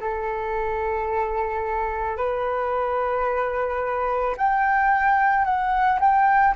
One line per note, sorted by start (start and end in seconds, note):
0.00 2.17 A4
2.17 4.35 B4
4.37 5.44 G5
5.44 5.99 F#5
6.00 6.54 G5